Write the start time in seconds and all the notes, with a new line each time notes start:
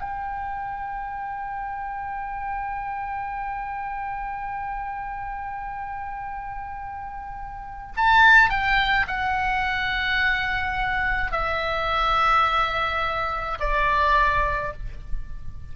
0.00 G5
7.96 A5
8.50 G5
9.07 F#5
11.32 E5
13.60 D5